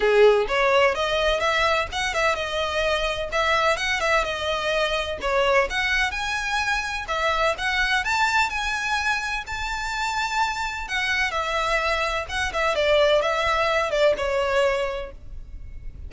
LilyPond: \new Staff \with { instrumentName = "violin" } { \time 4/4 \tempo 4 = 127 gis'4 cis''4 dis''4 e''4 | fis''8 e''8 dis''2 e''4 | fis''8 e''8 dis''2 cis''4 | fis''4 gis''2 e''4 |
fis''4 a''4 gis''2 | a''2. fis''4 | e''2 fis''8 e''8 d''4 | e''4. d''8 cis''2 | }